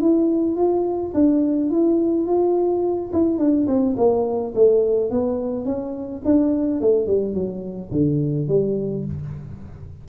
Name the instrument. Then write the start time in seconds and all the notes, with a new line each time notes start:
tuba
0.00 E4
0.56 F4
1.13 D4
1.70 E4
2.26 F4
3.13 E4
3.38 D4
3.67 C4
3.96 A#3
4.54 A3
5.10 B3
5.65 C#4
6.24 D4
6.80 A3
7.07 G3
7.34 F#3
7.91 D3
8.48 G3